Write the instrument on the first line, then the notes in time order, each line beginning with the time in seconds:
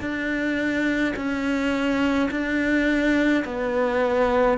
cello
0.00 D4
1.16 C#4
2.31 D4
3.44 B3